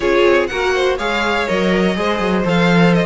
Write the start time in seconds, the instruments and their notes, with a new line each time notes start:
0.00 cello C#4, viola F4, violin G#4 C#5
0.24 cello C4
0.47 cello A#3, viola F#4, violin A#4 F#5
0.74 violin C5
0.98 cello G#3, viola G#4, violin C#5 F5
1.47 cello F#3, viola A#4, violin D#5
1.94 cello G#3, viola G#4, violin C5
2.19 cello F#3
2.44 cello F3, viola A4, violin F5
2.94 violin D#5